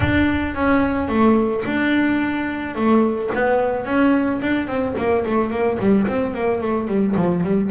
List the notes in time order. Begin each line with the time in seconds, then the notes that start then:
0.00 D4
0.54 C#4
1.08 A3
1.65 D4
2.75 A3
3.34 B3
3.85 C#4
4.41 D4
4.67 C4
4.97 A#3
5.25 A3
5.50 A#3
5.79 G3
6.07 C4
6.34 A#3
6.61 A3
6.87 G3
7.16 F3
7.43 G3